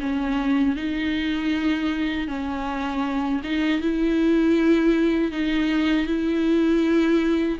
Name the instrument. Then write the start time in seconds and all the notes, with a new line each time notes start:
viola
0.00 C#4
0.76 D#4
2.28 C#4
3.43 D#4
3.81 E4
5.32 D#4
6.06 E4